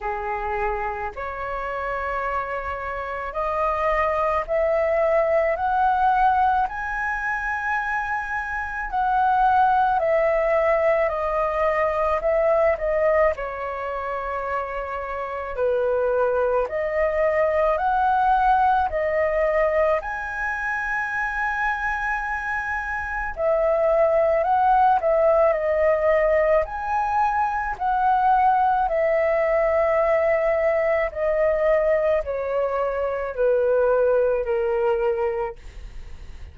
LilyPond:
\new Staff \with { instrumentName = "flute" } { \time 4/4 \tempo 4 = 54 gis'4 cis''2 dis''4 | e''4 fis''4 gis''2 | fis''4 e''4 dis''4 e''8 dis''8 | cis''2 b'4 dis''4 |
fis''4 dis''4 gis''2~ | gis''4 e''4 fis''8 e''8 dis''4 | gis''4 fis''4 e''2 | dis''4 cis''4 b'4 ais'4 | }